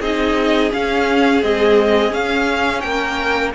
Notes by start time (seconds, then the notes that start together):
0.00 C4 D#4 G#4 D#5
0.71 C#4 F5
1.42 G#3 C4 D#5
2.10 C#4 F5
2.80 A#3 A#4 G5